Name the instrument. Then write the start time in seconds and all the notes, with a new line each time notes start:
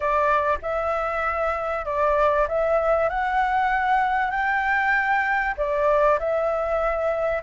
flute
0.00 D5
0.62 E5
1.85 D5
2.48 E5
3.09 F#5
4.30 G5
5.57 D5
6.19 E5